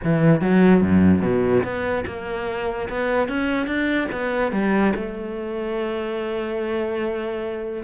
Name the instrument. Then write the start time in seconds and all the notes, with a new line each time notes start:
cello
0.03 E3
0.41 F#3
0.81 F#2
1.22 B2
1.63 B3
2.06 A#3
2.89 B3
3.28 C#4
3.66 D4
4.12 B3
4.52 G3
4.95 A3